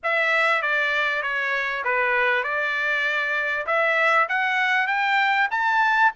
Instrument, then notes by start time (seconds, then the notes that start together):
trumpet
0.03 E5
0.62 D5
1.22 C#5
1.84 B4
2.43 D5
3.66 E5
4.29 F#5
4.87 G5
5.50 A5